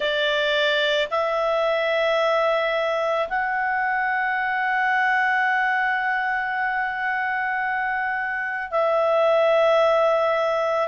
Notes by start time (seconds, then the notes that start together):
0.00 D5
1.10 E5
3.28 F#5
8.70 E5